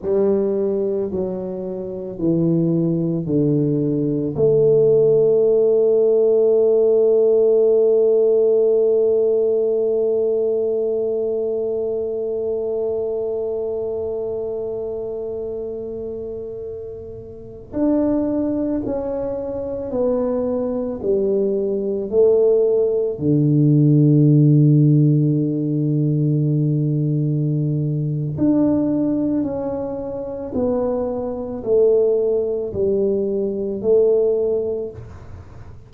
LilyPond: \new Staff \with { instrumentName = "tuba" } { \time 4/4 \tempo 4 = 55 g4 fis4 e4 d4 | a1~ | a1~ | a1~ |
a16 d'4 cis'4 b4 g8.~ | g16 a4 d2~ d8.~ | d2 d'4 cis'4 | b4 a4 g4 a4 | }